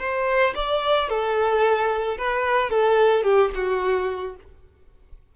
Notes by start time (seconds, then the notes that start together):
0.00 C5
0.56 D5
1.10 A4
2.18 B4
2.71 A4
3.24 G4
3.55 F#4